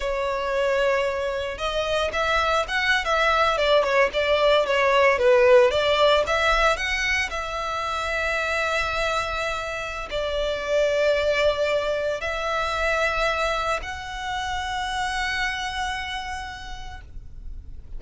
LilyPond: \new Staff \with { instrumentName = "violin" } { \time 4/4 \tempo 4 = 113 cis''2. dis''4 | e''4 fis''8. e''4 d''8 cis''8 d''16~ | d''8. cis''4 b'4 d''4 e''16~ | e''8. fis''4 e''2~ e''16~ |
e''2. d''4~ | d''2. e''4~ | e''2 fis''2~ | fis''1 | }